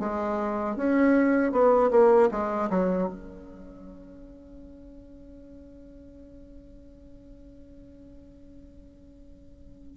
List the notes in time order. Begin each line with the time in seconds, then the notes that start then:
0.00 G#3
0.77 C#4
1.52 B3
1.91 A#3
2.31 G#3
2.70 F#3
3.08 C#4